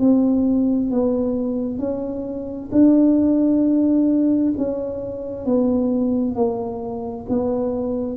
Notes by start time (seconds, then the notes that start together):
0.00 C4
0.91 B3
1.79 C#4
2.72 D4
4.58 C#4
5.46 B3
6.36 A#3
7.30 B3